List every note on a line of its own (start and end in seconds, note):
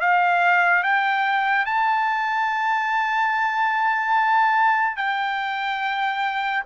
0.00 0.83 F5
0.83 1.66 G5
1.66 4.97 A5
4.97 6.63 G5